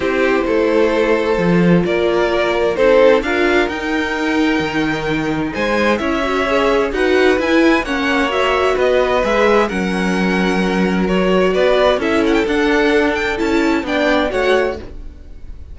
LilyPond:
<<
  \new Staff \with { instrumentName = "violin" } { \time 4/4 \tempo 4 = 130 c''1 | d''2 c''4 f''4 | g''1 | gis''4 e''2 fis''4 |
gis''4 fis''4 e''4 dis''4 | e''4 fis''2. | cis''4 d''4 e''8 fis''16 g''16 fis''4~ | fis''8 g''8 a''4 g''4 fis''4 | }
  \new Staff \with { instrumentName = "violin" } { \time 4/4 g'4 a'2. | ais'2 a'4 ais'4~ | ais'1 | c''4 cis''2 b'4~ |
b'4 cis''2 b'4~ | b'4 ais'2.~ | ais'4 b'4 a'2~ | a'2 d''4 cis''4 | }
  \new Staff \with { instrumentName = "viola" } { \time 4/4 e'2. f'4~ | f'2 dis'4 f'4 | dis'1~ | dis'4 e'8 fis'8 gis'4 fis'4 |
e'4 cis'4 fis'2 | gis'4 cis'2. | fis'2 e'4 d'4~ | d'4 e'4 d'4 fis'4 | }
  \new Staff \with { instrumentName = "cello" } { \time 4/4 c'4 a2 f4 | ais2 c'4 d'4 | dis'2 dis2 | gis4 cis'2 dis'4 |
e'4 ais2 b4 | gis4 fis2.~ | fis4 b4 cis'4 d'4~ | d'4 cis'4 b4 a4 | }
>>